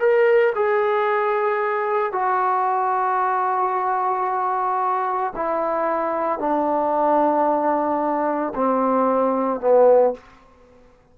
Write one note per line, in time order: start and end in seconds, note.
0.00 0.54 A#4
0.56 2.13 G#4
2.13 5.34 F#4
5.36 6.39 E4
6.39 8.54 D4
8.55 9.61 C4
9.61 10.14 B3